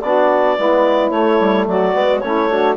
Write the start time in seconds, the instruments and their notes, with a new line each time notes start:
0.00 bassoon B3, trombone D4, saxophone F#4, clarinet D5
0.56 bassoon G#3, trombone B3, saxophone E4
1.10 bassoon A3, trombone A3, clarinet C#5
1.40 bassoon G3
1.67 bassoon F#3, saxophone F#4, clarinet D5
1.93 bassoon G#3, trombone B3
2.19 bassoon A3, trombone C#4, saxophone E4, clarinet C#5
2.49 trombone D4, saxophone F#4